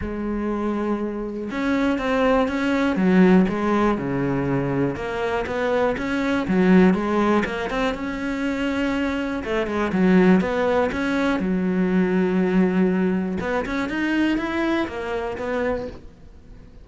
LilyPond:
\new Staff \with { instrumentName = "cello" } { \time 4/4 \tempo 4 = 121 gis2. cis'4 | c'4 cis'4 fis4 gis4 | cis2 ais4 b4 | cis'4 fis4 gis4 ais8 c'8 |
cis'2. a8 gis8 | fis4 b4 cis'4 fis4~ | fis2. b8 cis'8 | dis'4 e'4 ais4 b4 | }